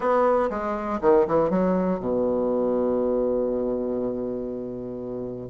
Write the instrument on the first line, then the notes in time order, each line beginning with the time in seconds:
bassoon
0.00 B3
0.50 G#3
1.01 D#3
1.27 E3
1.50 F#3
1.99 B2